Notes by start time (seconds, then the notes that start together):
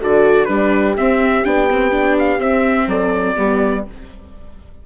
0.00 D3 F#4 A4 D5
0.45 G3 D4 G4 B4
0.96 C4 E5
1.44 B3 D4 G5
1.70 C4
1.90 D4
2.18 F5
2.39 C4 E5
2.87 F#3 A4 D5
3.35 G3 B3 G4